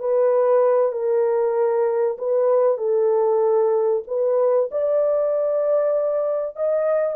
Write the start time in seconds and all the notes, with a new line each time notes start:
0.00 B4
0.93 A#4
2.18 B4
2.78 A4
4.08 B4
4.72 D5
6.57 D#5